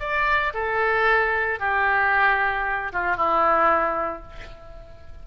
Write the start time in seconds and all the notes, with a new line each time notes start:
0.00 D5
0.54 A4
1.60 G4
2.93 F4
3.17 E4